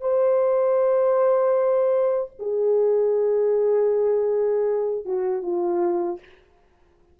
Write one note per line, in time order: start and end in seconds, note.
0.00 2.31 C5
2.39 5.05 G#4
5.05 5.42 F#4
5.42 6.19 F4